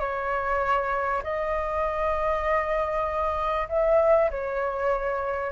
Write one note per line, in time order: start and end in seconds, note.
0.00 1.22 C#5
1.23 3.68 D#5
3.69 4.30 E5
4.31 5.52 C#5